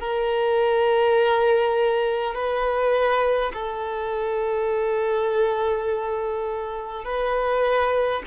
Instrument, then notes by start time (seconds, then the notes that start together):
violin
0.00 A#4
2.34 B4
3.53 A4
7.04 B4